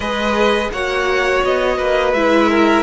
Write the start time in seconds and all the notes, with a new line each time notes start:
0.00 G#3 G#4 B4 D#5
0.71 A#3 F#4 C#5 F#5
1.43 B3 D#5
1.77 A#3 B4
2.13 G#3 E4 E5
2.49 A#4